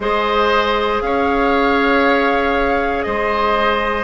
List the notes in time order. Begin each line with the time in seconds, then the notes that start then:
0.00 G#3 G#4 C5 D#5
1.01 C#4 C#5 F5
3.03 G#3 C5 D#5